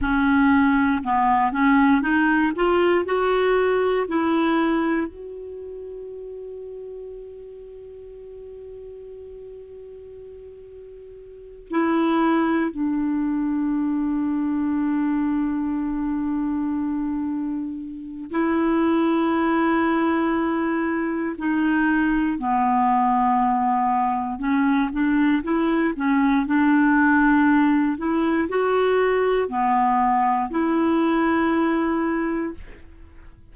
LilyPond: \new Staff \with { instrumentName = "clarinet" } { \time 4/4 \tempo 4 = 59 cis'4 b8 cis'8 dis'8 f'8 fis'4 | e'4 fis'2.~ | fis'2.~ fis'8 e'8~ | e'8 d'2.~ d'8~ |
d'2 e'2~ | e'4 dis'4 b2 | cis'8 d'8 e'8 cis'8 d'4. e'8 | fis'4 b4 e'2 | }